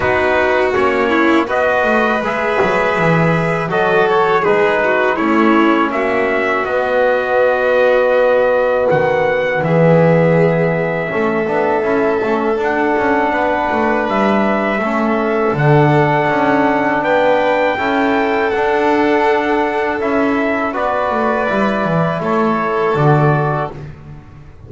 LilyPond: <<
  \new Staff \with { instrumentName = "trumpet" } { \time 4/4 \tempo 4 = 81 b'4 cis''4 dis''4 e''4~ | e''4 dis''8 cis''8 b'4 cis''4 | e''4 dis''2. | fis''4 e''2.~ |
e''4 fis''2 e''4~ | e''4 fis''2 g''4~ | g''4 fis''2 e''4 | d''2 cis''4 d''4 | }
  \new Staff \with { instrumentName = "violin" } { \time 4/4 fis'4. e'8 b'2~ | b'4 a'4 gis'8 fis'8 e'4 | fis'1~ | fis'4 gis'2 a'4~ |
a'2 b'2 | a'2. b'4 | a'1 | b'2 a'2 | }
  \new Staff \with { instrumentName = "trombone" } { \time 4/4 dis'4 cis'4 fis'4 gis'4~ | gis'4 fis'4 dis'4 cis'4~ | cis'4 b2.~ | b2. cis'8 d'8 |
e'8 cis'8 d'2. | cis'4 d'2. | e'4 d'2 e'4 | fis'4 e'2 fis'4 | }
  \new Staff \with { instrumentName = "double bass" } { \time 4/4 b4 ais4 b8 a8 gis8 fis8 | e4 fis4 gis4 a4 | ais4 b2. | dis4 e2 a8 b8 |
cis'8 a8 d'8 cis'8 b8 a8 g4 | a4 d4 cis'4 b4 | cis'4 d'2 cis'4 | b8 a8 g8 e8 a4 d4 | }
>>